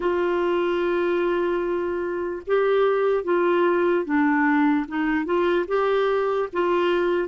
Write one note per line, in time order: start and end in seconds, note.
0.00 2.42 F4
2.46 3.24 G4
3.24 4.04 F4
4.04 4.85 D4
4.88 5.25 D#4
5.25 5.65 F4
5.68 6.49 G4
6.53 7.28 F4